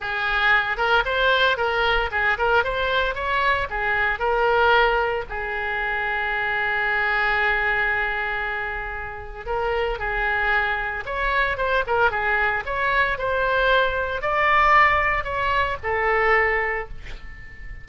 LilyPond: \new Staff \with { instrumentName = "oboe" } { \time 4/4 \tempo 4 = 114 gis'4. ais'8 c''4 ais'4 | gis'8 ais'8 c''4 cis''4 gis'4 | ais'2 gis'2~ | gis'1~ |
gis'2 ais'4 gis'4~ | gis'4 cis''4 c''8 ais'8 gis'4 | cis''4 c''2 d''4~ | d''4 cis''4 a'2 | }